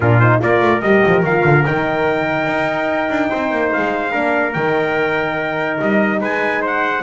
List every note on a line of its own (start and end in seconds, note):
0.00 0.40 A#2
0.00 0.21 D4
0.00 0.40 F4
0.00 0.19 A#4
0.19 0.39 D#4
0.19 0.40 C5
0.39 0.60 A#3
0.39 0.81 F4
0.39 3.29 A#4
0.39 0.81 D5
0.60 0.81 A3
0.81 1.03 G3
0.81 1.26 G4
0.81 1.22 D#5
1.06 1.22 F3
1.22 1.43 D#3
1.22 1.65 F4
1.22 1.65 F5
1.44 1.65 D3
1.65 2.46 D#3
1.65 4.12 D#4
1.65 3.72 G5
2.46 3.08 D#4
3.10 3.30 D4
3.29 3.51 C4
3.29 4.11 C5
3.51 3.71 A#3
3.72 4.15 G#3
3.72 4.53 F5
4.11 4.55 A#3
4.11 4.53 D4
4.11 6.18 A#4
4.53 5.79 D#3
4.53 7.03 D#4
4.53 5.77 G5
5.80 6.20 G3
5.80 6.22 D#5
6.20 7.03 G#3
6.20 6.61 B4
6.20 6.64 G#5
6.61 7.02 C5
6.61 7.03 F#5